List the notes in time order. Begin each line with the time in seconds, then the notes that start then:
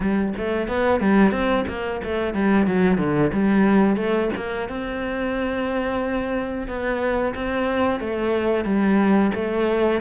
0.00 G3
0.37 A3
0.68 B3
1.00 G3
1.31 C4
1.67 A#3
2.04 A3
2.33 G3
2.67 F#3
2.97 D3
3.32 G3
3.96 A3
4.36 A#3
4.68 C4
6.67 B3
7.35 C4
8.00 A3
8.64 G3
9.34 A3